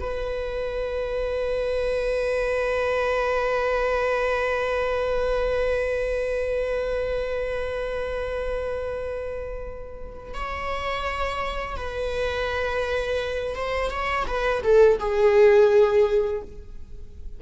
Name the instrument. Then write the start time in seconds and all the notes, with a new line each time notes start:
viola
0.00 B4
10.34 C#5
11.77 B4
13.55 C5
13.90 C#5
14.27 B4
14.63 A4
14.99 G#4